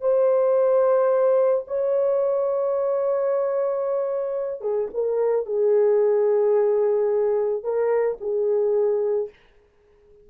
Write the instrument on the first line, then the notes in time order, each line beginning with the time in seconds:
horn
0.00 C5
1.67 C#5
4.61 G#4
4.93 A#4
5.45 G#4
7.63 A#4
8.20 G#4